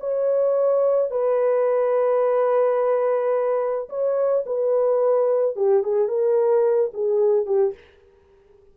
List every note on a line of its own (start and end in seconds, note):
0.00 1.11 C#5
1.11 3.89 B4
3.89 4.44 C#5
4.46 5.56 B4
5.56 5.83 G4
5.83 6.08 G#4
6.08 6.91 A#4
6.93 7.46 G#4
7.46 7.74 G4